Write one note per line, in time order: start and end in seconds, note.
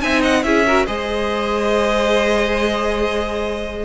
0.00 0.44 C4
0.00 0.43 D#4
0.00 0.21 E5
0.00 0.22 G#5
0.21 0.42 D#5
0.21 0.43 F#5
0.43 0.87 C#4
0.43 0.65 E4
0.43 0.66 G#4
0.43 0.86 E5
0.66 0.87 F#4
0.66 0.86 A#4
0.86 3.85 G#3
0.86 3.85 G#4
0.86 3.85 C5
0.86 3.85 D#5